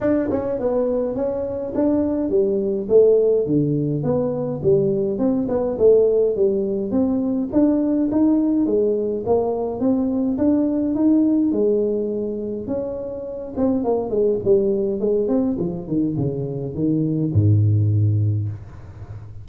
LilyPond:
\new Staff \with { instrumentName = "tuba" } { \time 4/4 \tempo 4 = 104 d'8 cis'8 b4 cis'4 d'4 | g4 a4 d4 b4 | g4 c'8 b8 a4 g4 | c'4 d'4 dis'4 gis4 |
ais4 c'4 d'4 dis'4 | gis2 cis'4. c'8 | ais8 gis8 g4 gis8 c'8 f8 dis8 | cis4 dis4 gis,2 | }